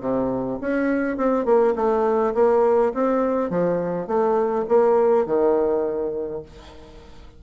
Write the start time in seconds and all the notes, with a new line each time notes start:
0.00 C3
0.60 C#4
1.17 C4
1.45 A#3
1.75 A3
2.34 A#3
2.94 C4
3.50 F3
4.07 A3
4.68 A#3
5.26 D#3